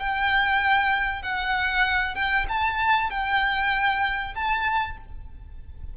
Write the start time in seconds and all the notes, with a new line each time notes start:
0.00 G5
1.23 F#5
2.15 G5
2.49 A5
3.11 G5
4.36 A5